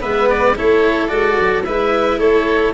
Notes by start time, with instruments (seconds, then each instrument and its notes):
0.00 tuba G#3, cello B3, violin B4, oboe E5
0.29 oboe D5
0.56 tuba A3, cello E4, violin A4, oboe C#5
1.08 tuba G#3, cello F#4, oboe D5
1.40 tuba F#3
1.64 tuba G#3, cello E4, violin B4, oboe E5
2.17 tuba A3, violin A4, oboe C#5